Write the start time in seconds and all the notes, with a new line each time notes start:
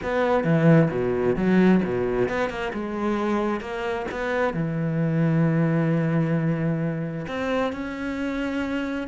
0.02 B3
0.43 E3
0.90 B2
1.35 F#3
1.84 B2
2.29 B3
2.49 A#3
2.73 G#3
3.60 A#3
4.11 B3
4.53 E3
7.27 C4
7.72 C#4